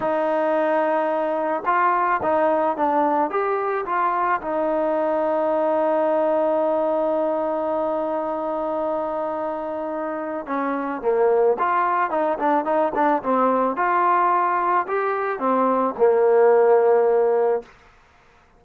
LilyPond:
\new Staff \with { instrumentName = "trombone" } { \time 4/4 \tempo 4 = 109 dis'2. f'4 | dis'4 d'4 g'4 f'4 | dis'1~ | dis'1~ |
dis'2. cis'4 | ais4 f'4 dis'8 d'8 dis'8 d'8 | c'4 f'2 g'4 | c'4 ais2. | }